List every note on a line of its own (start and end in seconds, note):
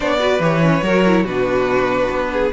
0.00 0.39 B3
0.00 0.19 D4
0.00 0.18 C#5
0.00 0.42 D5
0.19 0.40 F#4
0.19 0.83 B4
0.39 0.81 E3
0.39 0.62 G4
0.39 1.26 C#5
0.62 0.83 C#4
0.82 1.24 F#3
0.82 1.04 F#4
0.82 1.23 A#4
1.06 1.27 E4
1.23 2.08 B2
1.23 2.52 D4
1.23 2.28 F#4
1.23 2.51 B4
2.09 2.51 B3
2.32 2.52 G#4